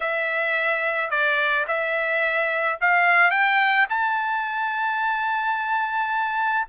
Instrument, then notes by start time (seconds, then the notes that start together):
trumpet
0.00 E5
1.10 D5
1.67 E5
2.80 F5
3.31 G5
3.89 A5